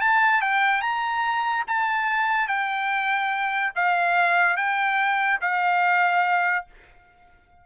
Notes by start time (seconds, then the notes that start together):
0.00 A5
0.41 G5
0.81 A#5
1.67 A5
2.47 G5
3.75 F5
4.56 G5
5.41 F5